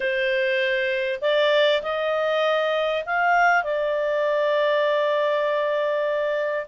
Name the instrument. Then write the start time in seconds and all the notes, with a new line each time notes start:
clarinet
0.00 C5
1.21 D5
1.82 D#5
3.05 F5
3.63 D5